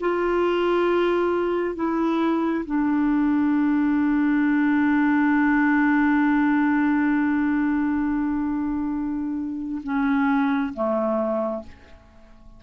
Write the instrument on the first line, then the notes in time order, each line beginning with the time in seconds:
clarinet
0.00 F4
1.75 E4
2.65 D4
9.83 C#4
10.73 A3